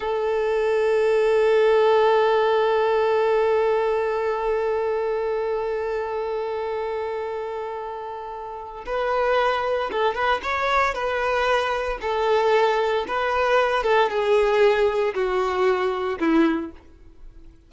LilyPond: \new Staff \with { instrumentName = "violin" } { \time 4/4 \tempo 4 = 115 a'1~ | a'1~ | a'1~ | a'1~ |
a'4 b'2 a'8 b'8 | cis''4 b'2 a'4~ | a'4 b'4. a'8 gis'4~ | gis'4 fis'2 e'4 | }